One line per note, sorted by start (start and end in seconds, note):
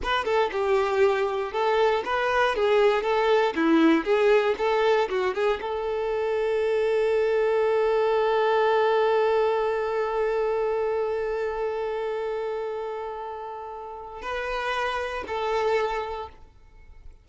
0.03 0.24 B4
0.24 0.50 A4
0.52 1.52 G4
1.52 2.03 A4
2.04 2.55 B4
2.55 3.03 G#4
3.03 3.53 A4
3.55 4.04 E4
4.04 4.55 G#4
4.57 5.08 A4
5.09 5.34 F#4
5.34 5.59 G#4
5.61 14.22 A4
14.22 15.23 B4
15.27 16.29 A4